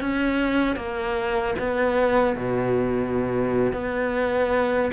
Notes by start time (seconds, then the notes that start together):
0.00 C#4
0.76 A#3
1.59 B3
2.36 B2
3.72 B3